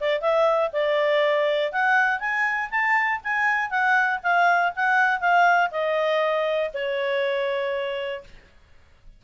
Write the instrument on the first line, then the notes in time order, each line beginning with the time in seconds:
clarinet
0.00 D5
0.21 E5
0.73 D5
1.72 F#5
2.20 G#5
2.71 A5
3.24 G#5
3.70 F#5
4.23 F5
4.76 F#5
5.20 F5
5.71 D#5
6.74 C#5